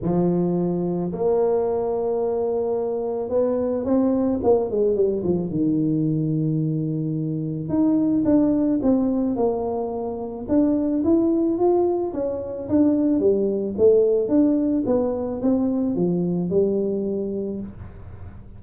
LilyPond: \new Staff \with { instrumentName = "tuba" } { \time 4/4 \tempo 4 = 109 f2 ais2~ | ais2 b4 c'4 | ais8 gis8 g8 f8 dis2~ | dis2 dis'4 d'4 |
c'4 ais2 d'4 | e'4 f'4 cis'4 d'4 | g4 a4 d'4 b4 | c'4 f4 g2 | }